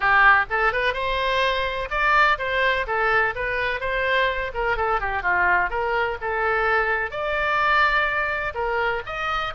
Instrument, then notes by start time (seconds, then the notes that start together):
oboe
0.00 G4
0.49 A4
0.72 B4
0.93 C5
1.90 D5
2.38 C5
2.86 A4
3.35 B4
3.80 C5
4.54 A#4
4.77 A4
5.00 G4
5.22 F4
5.69 A#4
6.21 A4
7.10 D5
8.54 A#4
9.06 D#5